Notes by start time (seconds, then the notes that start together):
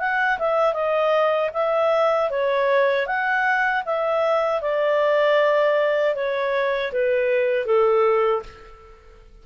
0.00 F#5
0.39 E5
0.74 D#5
1.54 E5
2.30 C#5
3.07 F#5
3.86 E5
4.62 D5
6.15 C#5
6.93 B4
7.66 A4